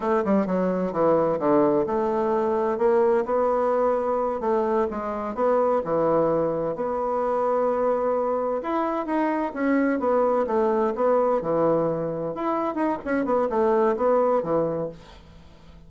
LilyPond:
\new Staff \with { instrumentName = "bassoon" } { \time 4/4 \tempo 4 = 129 a8 g8 fis4 e4 d4 | a2 ais4 b4~ | b4. a4 gis4 b8~ | b8 e2 b4.~ |
b2~ b8 e'4 dis'8~ | dis'8 cis'4 b4 a4 b8~ | b8 e2 e'4 dis'8 | cis'8 b8 a4 b4 e4 | }